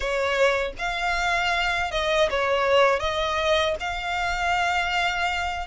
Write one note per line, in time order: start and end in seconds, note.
0.00 0.72 C#5
0.78 1.91 F5
1.91 2.29 D#5
2.30 2.99 C#5
2.99 3.75 D#5
3.80 5.67 F5